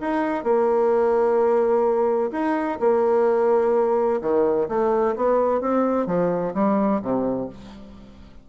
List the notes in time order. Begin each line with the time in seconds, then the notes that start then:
0.00 D#4
0.43 A#3
2.31 D#4
2.80 A#3
4.21 D#3
4.68 A3
5.16 B3
5.60 C4
6.06 F3
6.54 G3
7.02 C3